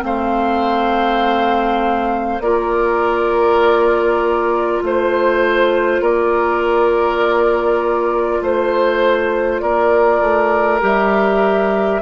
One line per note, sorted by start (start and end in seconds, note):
0.00 2.40 A3
0.00 2.40 C4
0.00 2.44 C5
0.00 2.42 F5
2.40 4.80 A#3
2.40 10.81 F4
2.40 4.83 A#4
2.40 4.82 D5
4.83 6.01 A3
4.83 6.04 C5
4.83 6.02 C5
6.01 8.41 A#3
6.01 8.42 A#4
6.01 8.44 D5
8.41 9.61 A3
8.41 9.62 C5
8.41 9.60 C5
9.60 10.21 A#3
9.60 12.02 A#4
9.60 10.80 D5
10.21 10.81 A3
10.81 12.02 G3
10.81 12.01 G4
10.81 12.02 E5